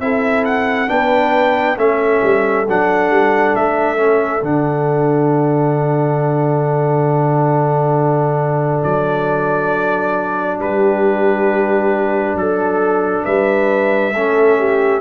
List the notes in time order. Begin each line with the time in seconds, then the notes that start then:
0.00 C4 E4 A4 E5
0.45 F#5
0.88 B3 D4 B4 G5
1.77 A3 C#4 A4 E5
2.23 G3
2.68 F#3 D4 F#5
3.10 G3
3.55 A3 E5
3.96 C#4
4.42 D3 D4 F#5
8.83 F#3 D5
10.59 G3 G4 B4
12.34 F#3 A4
13.25 G3 B4 E5
14.13 A3 C#4 A4
14.59 G4